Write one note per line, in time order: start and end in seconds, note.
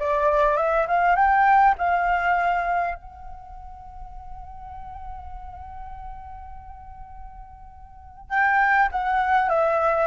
0.00 0.57 D5
0.57 0.87 E5
0.88 1.16 F5
1.16 1.75 G5
1.78 2.96 F5
2.96 8.30 F#5
8.30 8.89 G5
8.92 9.50 F#5
9.50 10.08 E5